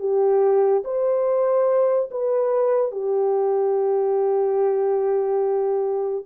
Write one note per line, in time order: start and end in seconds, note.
0.00 0.83 G4
0.85 2.10 C5
2.11 2.92 B4
2.92 6.25 G4